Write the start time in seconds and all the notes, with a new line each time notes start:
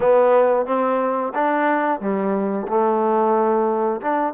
0.00 B3
0.66 C4
1.34 D4
2.00 G3
2.67 A3
4.01 D4